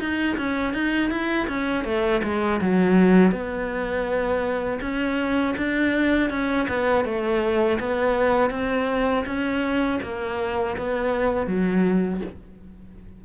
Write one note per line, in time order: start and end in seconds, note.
0.00 0.37 D#4
0.38 0.74 C#4
0.74 1.11 D#4
1.11 1.48 E4
1.48 1.85 C#4
1.85 2.22 A3
2.24 2.61 G#3
2.62 3.32 F#3
3.32 4.80 B3
4.82 5.56 C#4
5.58 6.31 D4
6.31 6.68 C#4
6.69 7.05 B3
7.05 7.79 A3
7.80 8.51 B3
8.51 9.25 C4
9.27 10.01 C#4
10.03 10.77 A#3
10.78 11.47 B3
11.47 12.21 F#3